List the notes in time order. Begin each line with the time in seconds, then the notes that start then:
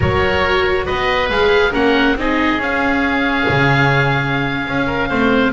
0.00 F#3 F#4 A#4 C#5
0.85 B3 B4 D#5
1.29 G#3 G#4 F5
1.71 A#3 C#4 A#4 F#5
2.15 C4 D#4 G#4 D#5
2.58 C#4 F5
3.48 C#3
4.67 C#4
4.86 A#4
5.09 A3 C4 C5